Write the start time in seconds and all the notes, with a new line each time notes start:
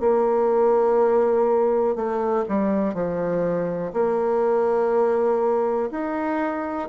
0.00 A#3
1.96 A3
2.49 G3
2.95 F3
3.93 A#3
5.91 D#4